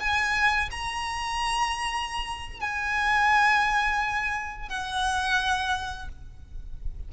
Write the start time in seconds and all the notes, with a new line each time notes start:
0.00 G#5
0.71 A#5
2.61 G#5
4.69 F#5